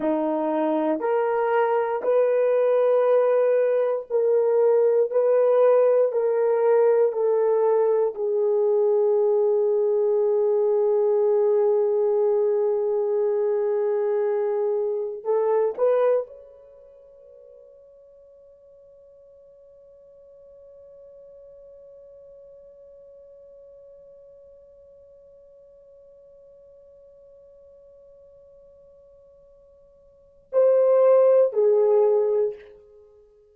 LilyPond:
\new Staff \with { instrumentName = "horn" } { \time 4/4 \tempo 4 = 59 dis'4 ais'4 b'2 | ais'4 b'4 ais'4 a'4 | gis'1~ | gis'2. a'8 b'8 |
cis''1~ | cis''1~ | cis''1~ | cis''2 c''4 gis'4 | }